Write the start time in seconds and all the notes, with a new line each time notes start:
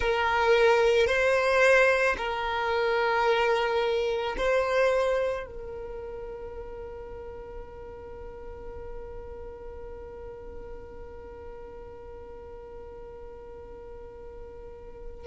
0.00 A#4
1.06 C5
2.17 A#4
4.37 C5
5.46 A#4